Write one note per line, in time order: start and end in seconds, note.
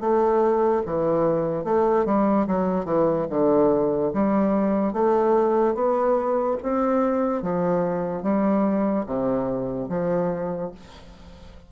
0.00 0.82 A3
0.86 1.64 E3
1.64 2.05 A3
2.05 2.46 G3
2.47 2.85 F#3
2.85 3.26 E3
3.30 4.12 D3
4.13 4.93 G3
4.93 5.74 A3
5.74 6.56 B3
6.62 7.42 C4
7.42 8.22 F3
8.22 9.04 G3
9.06 9.88 C3
9.89 10.71 F3